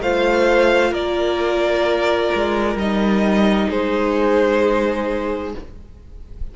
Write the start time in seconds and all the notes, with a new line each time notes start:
0.00 A3 F4 C5 F5
0.91 A#3 A#4 D5
2.35 G#3
2.75 G3 D#4 D#5
3.69 G#3 G#4 C5